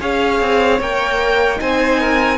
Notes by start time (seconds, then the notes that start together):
0.00 C#4 G#4 C#5 F5
0.41 C4
0.81 A#3 A#4 G5
1.56 C4 D#4 C5 G#5
2.01 A#4